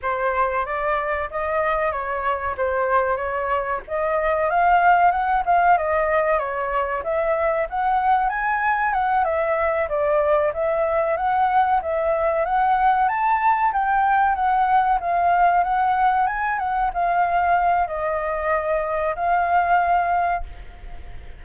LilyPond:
\new Staff \with { instrumentName = "flute" } { \time 4/4 \tempo 4 = 94 c''4 d''4 dis''4 cis''4 | c''4 cis''4 dis''4 f''4 | fis''8 f''8 dis''4 cis''4 e''4 | fis''4 gis''4 fis''8 e''4 d''8~ |
d''8 e''4 fis''4 e''4 fis''8~ | fis''8 a''4 g''4 fis''4 f''8~ | f''8 fis''4 gis''8 fis''8 f''4. | dis''2 f''2 | }